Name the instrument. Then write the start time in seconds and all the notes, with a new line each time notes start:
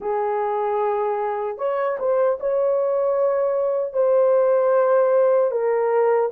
horn
0.00 G#4
1.58 C#5
1.99 C5
2.40 C#5
3.93 C5
5.51 A#4